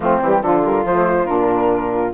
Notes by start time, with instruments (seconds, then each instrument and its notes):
0.00 bassoon F3, saxophone A3 C4, flute F4
0.21 bassoon E3, saxophone G3, flute G4
0.41 bassoon D3, saxophone F3 F4, flute A4
0.63 saxophone G3, flute A#4
0.84 bassoon F3, saxophone A3, flute C5
1.26 bassoon A#2, saxophone D4, flute A#4